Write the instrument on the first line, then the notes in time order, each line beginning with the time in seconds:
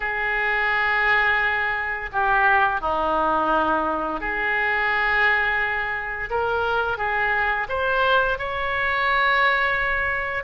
oboe
0.00 G#4
2.12 G4
2.80 D#4
4.20 G#4
6.30 A#4
6.97 G#4
7.68 C5
8.38 C#5